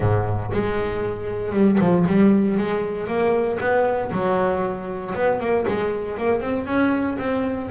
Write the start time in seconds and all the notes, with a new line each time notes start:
0.00 G#2
0.53 G#3
1.52 G3
1.80 F3
2.07 G3
2.57 G#3
3.07 A#3
3.60 B3
4.11 F#3
5.14 B3
5.39 A#3
5.67 G#3
6.17 A#3
6.41 C4
6.65 C#4
7.18 C4